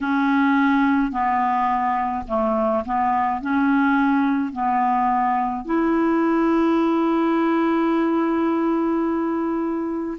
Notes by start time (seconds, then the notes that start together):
0.00 C#4
1.11 B3
2.27 A3
2.85 B3
3.41 C#4
4.52 B3
5.64 E4